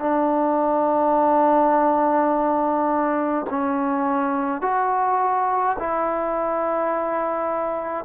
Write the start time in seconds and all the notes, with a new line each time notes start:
0.00 D4
3.50 C#4
4.62 F#4
5.80 E4